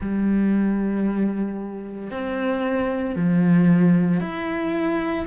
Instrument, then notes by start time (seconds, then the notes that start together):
cello
0.00 G3
2.11 C4
3.15 F3
4.20 E4